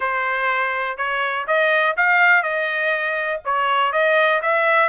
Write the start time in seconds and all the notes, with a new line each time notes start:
0.00 C5
0.97 C#5
1.47 D#5
1.96 F5
2.43 D#5
3.44 C#5
3.92 D#5
4.42 E5